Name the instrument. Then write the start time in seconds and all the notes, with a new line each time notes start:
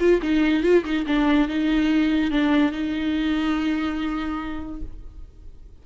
viola
0.00 F4
0.23 D#4
0.64 F4
0.85 D#4
1.07 D4
1.49 D#4
2.32 D4
2.72 D#4